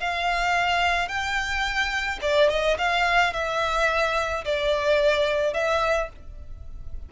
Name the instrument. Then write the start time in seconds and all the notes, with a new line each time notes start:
violin
0.00 F5
1.08 G5
2.22 D5
2.49 D#5
2.78 F5
3.33 E5
4.45 D5
5.54 E5